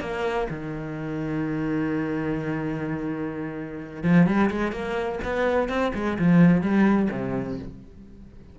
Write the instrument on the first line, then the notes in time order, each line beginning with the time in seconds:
cello
0.00 A#3
0.50 D#3
4.03 F3
4.26 G3
4.50 G#3
4.72 A#3
5.24 B3
5.69 C4
5.94 G#3
6.18 F3
6.61 G3
7.11 C3